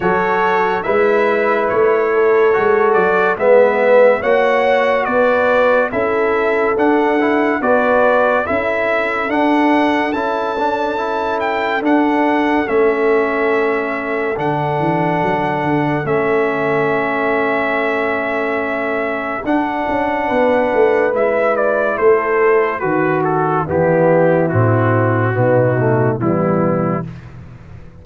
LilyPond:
<<
  \new Staff \with { instrumentName = "trumpet" } { \time 4/4 \tempo 4 = 71 cis''4 e''4 cis''4. d''8 | e''4 fis''4 d''4 e''4 | fis''4 d''4 e''4 fis''4 | a''4. g''8 fis''4 e''4~ |
e''4 fis''2 e''4~ | e''2. fis''4~ | fis''4 e''8 d''8 c''4 b'8 a'8 | g'4 fis'2 e'4 | }
  \new Staff \with { instrumentName = "horn" } { \time 4/4 a'4 b'4. a'4. | b'4 cis''4 b'4 a'4~ | a'4 b'4 a'2~ | a'1~ |
a'1~ | a'1 | b'2 a'4 fis'4 | e'2 dis'4 b4 | }
  \new Staff \with { instrumentName = "trombone" } { \time 4/4 fis'4 e'2 fis'4 | b4 fis'2 e'4 | d'8 e'8 fis'4 e'4 d'4 | e'8 d'8 e'4 d'4 cis'4~ |
cis'4 d'2 cis'4~ | cis'2. d'4~ | d'4 e'2 fis'4 | b4 c'4 b8 a8 g4 | }
  \new Staff \with { instrumentName = "tuba" } { \time 4/4 fis4 gis4 a4 gis8 fis8 | gis4 ais4 b4 cis'4 | d'4 b4 cis'4 d'4 | cis'2 d'4 a4~ |
a4 d8 e8 fis8 d8 a4~ | a2. d'8 cis'8 | b8 a8 gis4 a4 dis4 | e4 a,4 b,4 e4 | }
>>